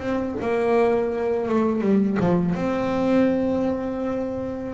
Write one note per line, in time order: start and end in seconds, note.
0.00 0.37 C4
0.42 1.49 A#3
1.49 1.81 A3
1.81 2.18 G3
2.20 2.55 F3
2.55 4.75 C4